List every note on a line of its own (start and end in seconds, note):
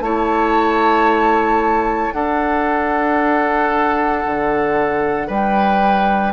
0.00 2.11 A3
0.00 2.12 E4
0.00 2.14 C#5
0.00 2.12 A5
2.12 6.33 D4
2.12 4.25 D4
2.12 5.27 A4
2.12 5.28 F#5
4.25 5.29 D3
5.27 6.33 G3
5.27 6.32 B4
5.27 6.33 G5